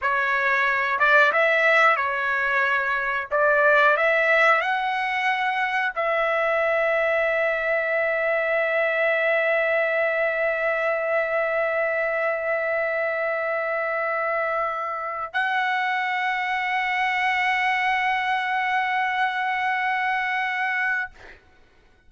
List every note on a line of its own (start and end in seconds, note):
0.01 0.99 C#5
0.99 1.32 D5
1.32 1.96 E5
1.96 3.28 C#5
3.31 3.97 D5
3.97 4.61 E5
4.61 5.93 F#5
5.95 15.33 E5
15.33 21.10 F#5